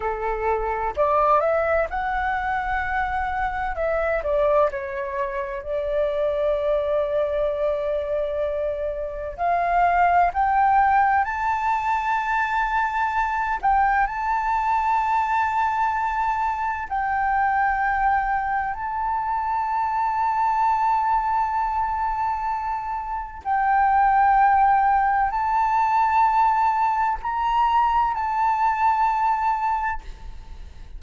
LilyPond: \new Staff \with { instrumentName = "flute" } { \time 4/4 \tempo 4 = 64 a'4 d''8 e''8 fis''2 | e''8 d''8 cis''4 d''2~ | d''2 f''4 g''4 | a''2~ a''8 g''8 a''4~ |
a''2 g''2 | a''1~ | a''4 g''2 a''4~ | a''4 ais''4 a''2 | }